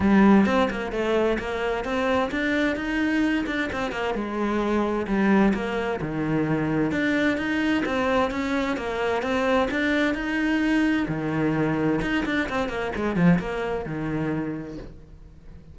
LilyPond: \new Staff \with { instrumentName = "cello" } { \time 4/4 \tempo 4 = 130 g4 c'8 ais8 a4 ais4 | c'4 d'4 dis'4. d'8 | c'8 ais8 gis2 g4 | ais4 dis2 d'4 |
dis'4 c'4 cis'4 ais4 | c'4 d'4 dis'2 | dis2 dis'8 d'8 c'8 ais8 | gis8 f8 ais4 dis2 | }